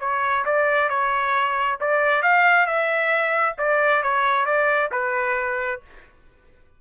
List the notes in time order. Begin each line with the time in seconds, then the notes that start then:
0.00 C#5
0.45 D5
0.89 C#5
1.80 D5
2.22 F5
2.66 E5
3.58 D5
4.03 C#5
4.45 D5
4.92 B4